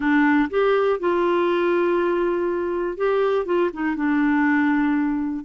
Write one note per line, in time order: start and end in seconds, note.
0.00 0.49 D4
0.50 0.99 G4
0.99 2.97 F4
2.97 3.45 G4
3.45 3.70 F4
3.73 3.96 D#4
3.96 5.45 D4